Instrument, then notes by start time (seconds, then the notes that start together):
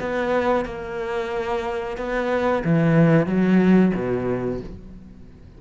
cello
0.00 B3
0.65 A#3
1.97 B3
2.64 E3
3.27 F#3
3.94 B2